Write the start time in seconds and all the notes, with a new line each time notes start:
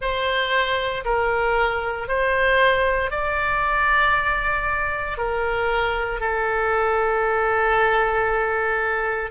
0.00 C5
1.04 A#4
2.08 C5
3.10 D5
5.17 A#4
6.20 A4